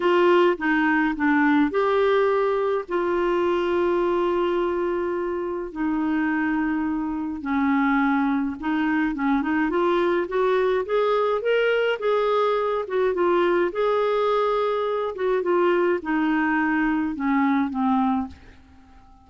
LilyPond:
\new Staff \with { instrumentName = "clarinet" } { \time 4/4 \tempo 4 = 105 f'4 dis'4 d'4 g'4~ | g'4 f'2.~ | f'2 dis'2~ | dis'4 cis'2 dis'4 |
cis'8 dis'8 f'4 fis'4 gis'4 | ais'4 gis'4. fis'8 f'4 | gis'2~ gis'8 fis'8 f'4 | dis'2 cis'4 c'4 | }